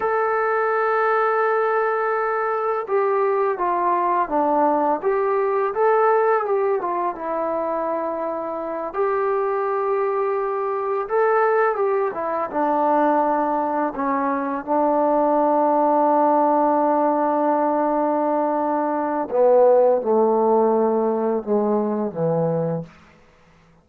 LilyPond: \new Staff \with { instrumentName = "trombone" } { \time 4/4 \tempo 4 = 84 a'1 | g'4 f'4 d'4 g'4 | a'4 g'8 f'8 e'2~ | e'8 g'2. a'8~ |
a'8 g'8 e'8 d'2 cis'8~ | cis'8 d'2.~ d'8~ | d'2. b4 | a2 gis4 e4 | }